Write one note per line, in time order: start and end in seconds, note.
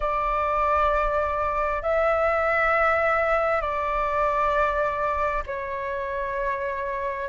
0.00 1.82 D5
1.82 3.61 E5
3.61 5.43 D5
5.46 7.28 C#5